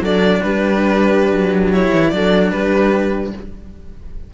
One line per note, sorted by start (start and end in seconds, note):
0.00 0.40 F#3
0.00 1.72 D4
0.00 0.41 A4
0.00 0.42 D5
0.42 1.31 G3
0.42 2.14 G4
0.42 1.72 B4
1.31 1.91 F#3
1.72 2.12 E4
1.72 2.09 C#5
1.92 2.12 E3
2.09 2.52 F#3
2.09 3.32 D4
2.09 2.53 A4
2.09 2.49 D5
2.51 3.33 G3
2.51 3.33 G4
2.51 3.31 B4